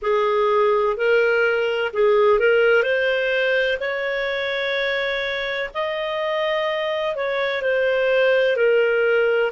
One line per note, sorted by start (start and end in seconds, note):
0.02 0.97 G#4
0.97 1.92 A#4
1.93 2.39 G#4
2.39 2.83 A#4
2.83 3.78 C5
3.80 5.70 C#5
5.74 7.15 D#5
7.15 7.61 C#5
7.61 8.56 C5
8.56 9.52 A#4